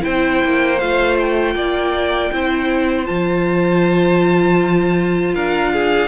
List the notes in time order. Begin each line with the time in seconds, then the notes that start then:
0.00 C4 E4 C5 G5
0.44 A#3
0.78 A3 F4 F5
1.19 G5
1.54 A#3 D5
2.32 C4 E4 C5
3.05 F3 F4 A5
5.34 D4 A#4 F5
5.72 G#4